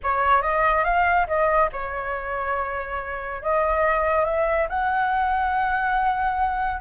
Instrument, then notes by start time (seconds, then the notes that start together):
flute
0.03 C#5
0.42 D#5
0.84 F5
1.27 D#5
1.72 C#5
3.42 D#5
4.25 E5
4.69 F#5